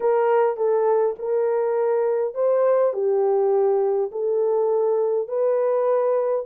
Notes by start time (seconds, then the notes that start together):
0.00 A#4
0.56 A4
1.18 A#4
2.34 C5
2.93 G4
4.11 A4
5.28 B4